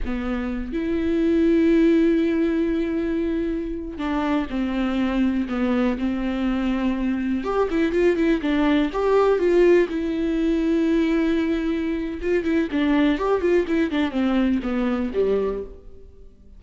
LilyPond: \new Staff \with { instrumentName = "viola" } { \time 4/4 \tempo 4 = 123 b4. e'2~ e'8~ | e'1~ | e'16 d'4 c'2 b8.~ | b16 c'2. g'8 e'16~ |
e'16 f'8 e'8 d'4 g'4 f'8.~ | f'16 e'2.~ e'8.~ | e'4 f'8 e'8 d'4 g'8 f'8 | e'8 d'8 c'4 b4 g4 | }